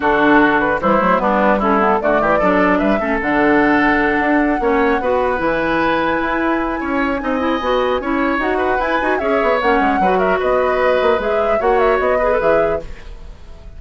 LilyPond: <<
  \new Staff \with { instrumentName = "flute" } { \time 4/4 \tempo 4 = 150 a'4. b'8 c''4 b'4 | a'4 d''2 e''4 | fis''1~ | fis''4. gis''2~ gis''8~ |
gis''1~ | gis''4 fis''4 gis''4 e''4 | fis''4. e''8 dis''2 | e''4 fis''8 e''8 dis''4 e''4 | }
  \new Staff \with { instrumentName = "oboe" } { \time 4/4 fis'2 e'4 d'4 | e'4 fis'8 g'8 a'4 b'8 a'8~ | a'2.~ a'8 cis''8~ | cis''8 b'2.~ b'8~ |
b'4 cis''4 dis''2 | cis''4. b'4. cis''4~ | cis''4 b'8 ais'8 b'2~ | b'4 cis''4. b'4. | }
  \new Staff \with { instrumentName = "clarinet" } { \time 4/4 d'2 g8 a8 b4 | cis'8 b8 a4 d'4. cis'8 | d'2.~ d'8 cis'8~ | cis'8 fis'4 e'2~ e'8~ |
e'2 dis'8 e'8 fis'4 | e'4 fis'4 e'8 fis'8 gis'4 | cis'4 fis'2. | gis'4 fis'4. gis'16 a'16 gis'4 | }
  \new Staff \with { instrumentName = "bassoon" } { \time 4/4 d2 e8 fis8 g4~ | g4 d8 e8 fis4 g8 a8 | d2~ d8 d'4 ais8~ | ais8 b4 e2 e'8~ |
e'4 cis'4 c'4 b4 | cis'4 dis'4 e'8 dis'8 cis'8 b8 | ais8 gis8 fis4 b4. ais8 | gis4 ais4 b4 e4 | }
>>